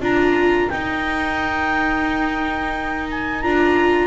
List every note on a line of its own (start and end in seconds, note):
0.00 0.68 D4
0.00 0.69 F4
0.00 4.07 A#4
0.00 0.69 A#5
0.69 3.43 D#4
0.69 3.08 G5
3.10 3.41 G#5
3.41 4.07 D4
3.41 4.07 F4
3.41 4.07 A#5